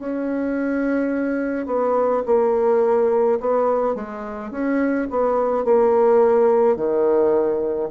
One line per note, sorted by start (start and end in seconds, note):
0.00 1.67 C#4
1.67 2.23 B3
2.26 3.40 A#3
3.41 3.96 B3
3.96 4.52 G#3
4.52 5.08 C#4
5.10 5.65 B3
5.65 6.77 A#3
6.77 7.90 D#3